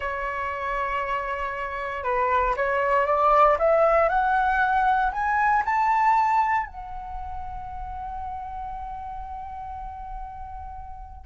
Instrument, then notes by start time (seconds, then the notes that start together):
flute
0.00 C#5
2.03 B4
2.56 C#5
3.06 D5
3.58 E5
4.09 F#5
5.11 G#5
5.65 A5
6.66 F#5